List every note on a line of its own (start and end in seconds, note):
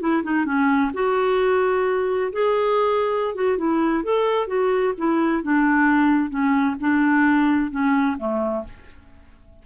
0.00 0.23 E4
0.23 0.45 D#4
0.45 0.91 C#4
0.94 2.32 F#4
2.32 3.35 G#4
3.35 3.58 F#4
3.58 4.04 E4
4.04 4.47 A4
4.47 4.94 F#4
4.97 5.43 E4
5.43 6.30 D4
6.30 6.76 C#4
6.80 7.71 D4
7.71 8.17 C#4
8.18 8.64 A3